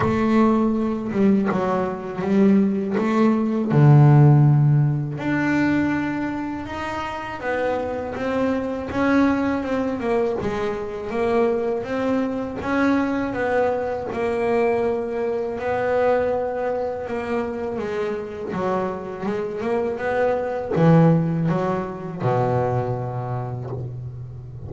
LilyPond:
\new Staff \with { instrumentName = "double bass" } { \time 4/4 \tempo 4 = 81 a4. g8 fis4 g4 | a4 d2 d'4~ | d'4 dis'4 b4 c'4 | cis'4 c'8 ais8 gis4 ais4 |
c'4 cis'4 b4 ais4~ | ais4 b2 ais4 | gis4 fis4 gis8 ais8 b4 | e4 fis4 b,2 | }